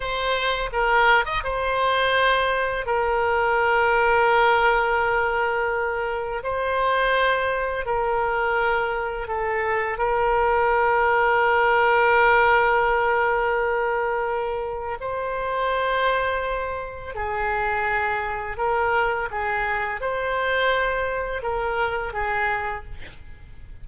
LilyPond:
\new Staff \with { instrumentName = "oboe" } { \time 4/4 \tempo 4 = 84 c''4 ais'8. dis''16 c''2 | ais'1~ | ais'4 c''2 ais'4~ | ais'4 a'4 ais'2~ |
ais'1~ | ais'4 c''2. | gis'2 ais'4 gis'4 | c''2 ais'4 gis'4 | }